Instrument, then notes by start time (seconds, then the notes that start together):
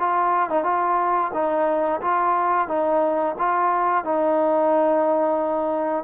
trombone
0.00 F4
0.50 D#4
0.64 F4
1.34 D#4
2.01 F4
2.68 D#4
3.39 F4
4.05 D#4